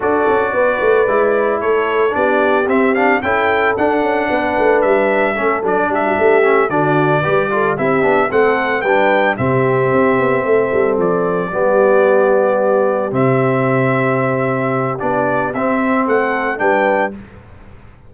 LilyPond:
<<
  \new Staff \with { instrumentName = "trumpet" } { \time 4/4 \tempo 4 = 112 d''2. cis''4 | d''4 e''8 f''8 g''4 fis''4~ | fis''4 e''4. d''8 e''4~ | e''8 d''2 e''4 fis''8~ |
fis''8 g''4 e''2~ e''8~ | e''8 d''2.~ d''8~ | d''8 e''2.~ e''8 | d''4 e''4 fis''4 g''4 | }
  \new Staff \with { instrumentName = "horn" } { \time 4/4 a'4 b'2 a'4 | g'2 a'2 | b'2 a'4 g'16 fis'16 g'8~ | g'8 fis'4 b'8 a'8 g'4 a'8~ |
a'8 b'4 g'2 a'8~ | a'4. g'2~ g'8~ | g'1~ | g'2 a'4 b'4 | }
  \new Staff \with { instrumentName = "trombone" } { \time 4/4 fis'2 e'2 | d'4 c'8 d'8 e'4 d'4~ | d'2 cis'8 d'4. | cis'8 d'4 g'8 f'8 e'8 d'8 c'8~ |
c'8 d'4 c'2~ c'8~ | c'4. b2~ b8~ | b8 c'2.~ c'8 | d'4 c'2 d'4 | }
  \new Staff \with { instrumentName = "tuba" } { \time 4/4 d'8 cis'8 b8 a8 gis4 a4 | b4 c'4 cis'4 d'8 cis'8 | b8 a8 g4 a8 fis8 g8 a8~ | a8 d4 g4 c'8 b8 a8~ |
a8 g4 c4 c'8 b8 a8 | g8 f4 g2~ g8~ | g8 c2.~ c8 | b4 c'4 a4 g4 | }
>>